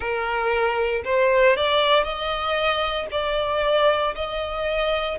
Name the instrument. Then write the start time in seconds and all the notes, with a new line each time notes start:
violin
0.00 A#4
1.04 C5
1.56 D5
2.03 D#5
3.11 D5
4.15 D#5